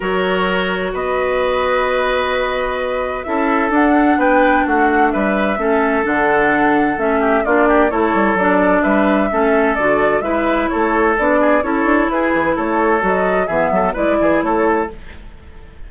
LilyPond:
<<
  \new Staff \with { instrumentName = "flute" } { \time 4/4 \tempo 4 = 129 cis''2 dis''2~ | dis''2. e''4 | fis''4 g''4 fis''4 e''4~ | e''4 fis''2 e''4 |
d''4 cis''4 d''4 e''4~ | e''4 d''4 e''4 cis''4 | d''4 cis''4 b'4 cis''4 | dis''4 e''4 d''4 cis''4 | }
  \new Staff \with { instrumentName = "oboe" } { \time 4/4 ais'2 b'2~ | b'2. a'4~ | a'4 b'4 fis'4 b'4 | a'2.~ a'8 g'8 |
f'8 g'8 a'2 b'4 | a'2 b'4 a'4~ | a'8 gis'8 a'4 gis'4 a'4~ | a'4 gis'8 a'8 b'8 gis'8 a'4 | }
  \new Staff \with { instrumentName = "clarinet" } { \time 4/4 fis'1~ | fis'2. e'4 | d'1 | cis'4 d'2 cis'4 |
d'4 e'4 d'2 | cis'4 fis'4 e'2 | d'4 e'2. | fis'4 b4 e'2 | }
  \new Staff \with { instrumentName = "bassoon" } { \time 4/4 fis2 b2~ | b2. cis'4 | d'4 b4 a4 g4 | a4 d2 a4 |
ais4 a8 g8 fis4 g4 | a4 d4 gis4 a4 | b4 cis'8 d'8 e'8 e8 a4 | fis4 e8 fis8 gis8 e8 a4 | }
>>